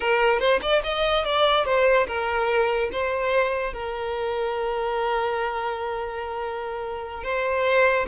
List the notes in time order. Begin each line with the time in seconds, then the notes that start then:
0.00 A#4
0.39 C5
0.62 D5
0.83 D#5
1.25 D5
1.65 C5
2.07 A#4
2.92 C5
3.73 A#4
7.23 C5